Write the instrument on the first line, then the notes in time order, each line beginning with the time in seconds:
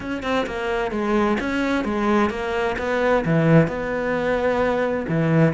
cello
0.00 C#4
0.22 C4
0.46 A#3
0.91 G#3
1.40 C#4
1.84 G#3
2.30 A#3
2.78 B3
3.25 E3
3.67 B3
5.08 E3